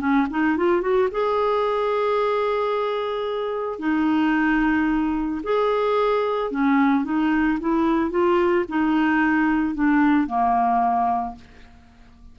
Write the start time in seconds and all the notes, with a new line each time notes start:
0.00 C#4
0.30 D#4
0.57 F4
0.82 F#4
1.12 G#4
3.79 D#4
5.43 G#4
6.51 C#4
7.04 D#4
7.60 E4
8.11 F4
8.69 D#4
9.75 D4
10.27 A#3